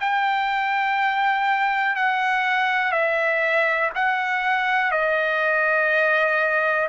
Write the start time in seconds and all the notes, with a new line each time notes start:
0.00 G5
1.95 F#5
2.92 E5
3.95 F#5
4.91 D#5